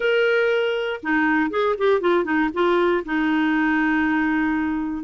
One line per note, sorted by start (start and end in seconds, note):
0.00 1.00 A#4
1.02 1.50 D#4
1.50 1.75 G#4
1.77 2.00 G4
2.00 2.24 F4
2.24 2.49 D#4
2.53 3.03 F4
3.05 5.04 D#4